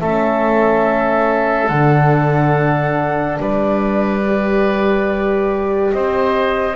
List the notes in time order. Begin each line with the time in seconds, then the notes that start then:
0.00 A3 C#4 A4 E5
1.68 D3 D4 F#5
3.40 G3 B4 D5
4.27 G4
5.92 C4 C5 D#5